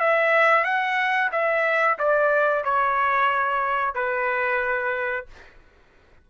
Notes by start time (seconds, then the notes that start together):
0.00 E5
0.64 F#5
1.32 E5
1.99 D5
2.64 C#5
3.95 B4